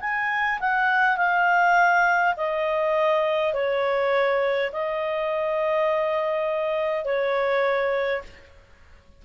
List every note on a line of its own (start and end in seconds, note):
0.00 0.59 G#5
0.59 1.17 F#5
1.17 2.35 F5
2.36 3.53 D#5
3.53 4.71 C#5
4.72 7.05 D#5
7.05 8.22 C#5